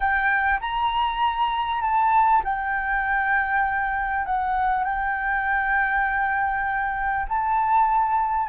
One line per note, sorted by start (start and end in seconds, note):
0.00 0.60 G5
0.60 1.81 A#5
1.81 2.42 A5
2.44 4.25 G5
4.25 4.84 F#5
4.84 7.26 G5
7.28 8.48 A5